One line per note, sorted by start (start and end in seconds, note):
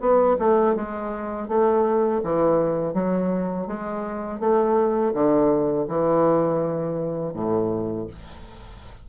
0.00 0.37 B3
0.39 0.75 A3
0.75 1.48 G#3
1.48 2.21 A3
2.23 2.93 E3
2.93 3.67 F#3
3.67 4.39 G#3
4.39 5.13 A3
5.14 5.87 D3
5.88 7.33 E3
7.33 8.07 A2